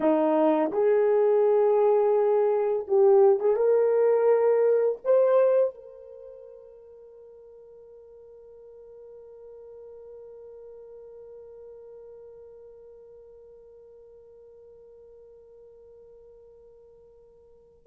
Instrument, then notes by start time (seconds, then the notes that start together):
horn
0.00 D#4
0.71 G#4
2.87 G4
3.39 G#4
3.56 A#4
5.04 C5
5.74 A#4